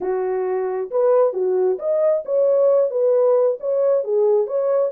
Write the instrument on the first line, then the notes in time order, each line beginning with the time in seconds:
horn
0.00 F#4
0.90 B4
1.33 F#4
1.78 D#5
2.25 C#5
2.90 B4
3.59 C#5
4.04 G#4
4.46 C#5